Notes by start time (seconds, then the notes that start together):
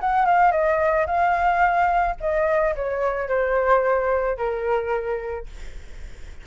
0.00 F#5
0.25 F5
0.51 D#5
1.06 F5
2.20 D#5
2.75 C#5
3.28 C5
4.37 A#4